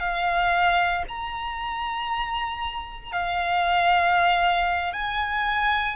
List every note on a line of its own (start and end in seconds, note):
0.00 1.03 F5
1.09 3.12 A#5
3.12 4.93 F5
4.93 5.96 G#5